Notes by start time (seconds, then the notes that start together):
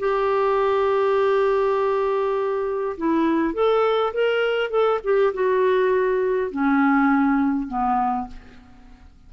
0.00 G4
2.98 E4
3.54 A4
4.14 A#4
4.71 A4
5.04 G4
5.34 F#4
6.52 C#4
7.68 B3